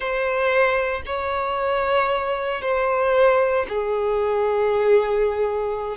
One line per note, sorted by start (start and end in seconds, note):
0.00 1.02 C5
1.06 2.61 C#5
2.61 3.65 C5
3.69 5.97 G#4